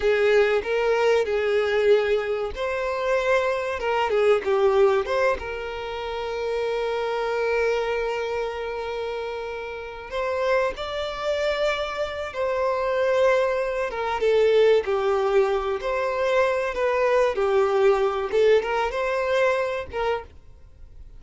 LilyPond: \new Staff \with { instrumentName = "violin" } { \time 4/4 \tempo 4 = 95 gis'4 ais'4 gis'2 | c''2 ais'8 gis'8 g'4 | c''8 ais'2.~ ais'8~ | ais'1 |
c''4 d''2~ d''8 c''8~ | c''2 ais'8 a'4 g'8~ | g'4 c''4. b'4 g'8~ | g'4 a'8 ais'8 c''4. ais'8 | }